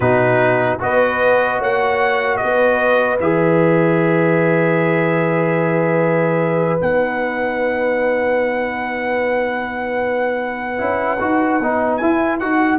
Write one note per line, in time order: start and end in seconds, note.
0.00 0.79 B2
0.00 0.79 D#4
0.00 0.78 F#4
0.00 0.79 B4
0.79 1.60 B3
0.79 3.19 F#4
0.79 1.58 B4
0.79 1.62 D#5
1.58 2.40 A#3
1.58 2.38 C#5
1.58 2.36 F#5
2.36 3.16 D#5
2.43 3.19 B3
2.43 12.78 B4
3.19 6.79 E3
3.19 6.78 G#4
3.19 6.80 E5
6.78 10.80 B3
6.78 10.77 D#4
6.78 11.97 F#5
10.77 11.20 C#4
10.77 11.17 E4
11.20 11.60 D#4
11.20 11.60 F#4
11.60 12.00 B3
11.60 12.01 D#4
11.97 12.40 E4
11.97 12.41 E4
11.97 12.37 G#5
12.39 12.78 D#4
12.39 12.78 F#4
12.39 12.78 F#5